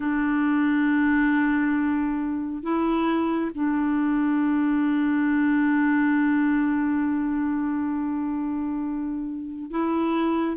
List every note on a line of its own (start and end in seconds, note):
0.00 2.62 D4
2.62 3.51 E4
3.54 9.71 D4
9.71 10.56 E4